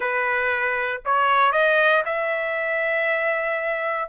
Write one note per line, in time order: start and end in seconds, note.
0.00 1.01 B4
1.05 1.52 C#5
1.52 2.03 D#5
2.05 4.09 E5